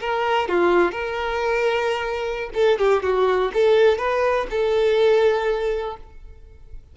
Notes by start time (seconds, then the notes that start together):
0.00 A#4
0.48 F4
0.91 A#4
2.54 A4
2.78 G4
3.03 F#4
3.53 A4
3.98 B4
4.50 A4